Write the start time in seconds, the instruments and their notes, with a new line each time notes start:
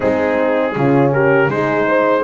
0.00 double bass G#3, horn C4 D#4, trumpet G#4
0.75 double bass C#3, horn C#4 F4
1.12 horn G4, trumpet A#4
1.47 double bass G#3, horn D#4 G#4, trumpet C5
1.87 horn C5